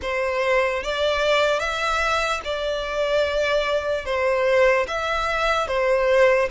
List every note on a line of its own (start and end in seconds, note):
0.01 0.83 C5
0.83 1.59 D5
1.59 2.40 E5
2.44 4.05 D5
4.05 4.86 C5
4.87 5.67 E5
5.67 6.48 C5